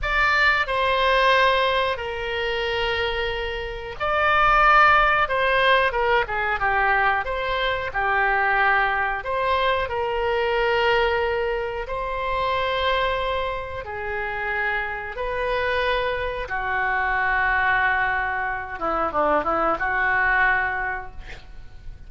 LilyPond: \new Staff \with { instrumentName = "oboe" } { \time 4/4 \tempo 4 = 91 d''4 c''2 ais'4~ | ais'2 d''2 | c''4 ais'8 gis'8 g'4 c''4 | g'2 c''4 ais'4~ |
ais'2 c''2~ | c''4 gis'2 b'4~ | b'4 fis'2.~ | fis'8 e'8 d'8 e'8 fis'2 | }